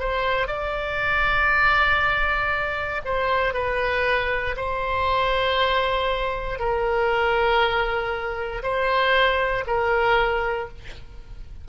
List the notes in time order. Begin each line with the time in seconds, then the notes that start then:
0.00 C5
0.48 D5
3.05 C5
3.54 B4
4.57 C5
6.59 A#4
8.63 C5
9.67 A#4